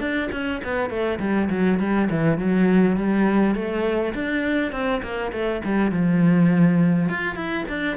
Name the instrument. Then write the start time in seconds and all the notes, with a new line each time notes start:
cello
0.00 D4
0.32 C#4
0.64 B3
0.90 A3
1.20 G3
1.50 F#3
1.80 G3
2.10 E3
2.39 F#3
2.97 G3
3.55 A3
4.14 D4
4.72 C4
5.03 A#3
5.32 A3
5.65 G3
5.92 F3
7.09 F4
7.36 E4
7.69 D4